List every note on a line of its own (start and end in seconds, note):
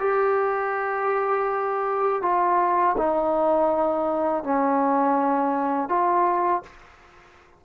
0.00 2.22 G4
2.22 2.96 F4
2.98 4.44 D#4
4.44 5.89 C#4
5.89 6.63 F4